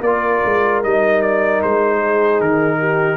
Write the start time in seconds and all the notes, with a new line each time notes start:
0.00 A#3 A#4 D5
0.06 F4
0.45 G#3
0.83 G3 D#4 D#5
1.22 D5
1.62 G#3 C5
1.98 G#4
2.40 D#3 A#4
2.79 G4